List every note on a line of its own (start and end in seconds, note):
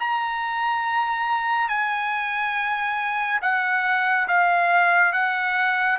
0.00 1.68 A#5
1.68 3.40 G#5
3.42 4.27 F#5
4.27 5.13 F5
5.13 5.98 F#5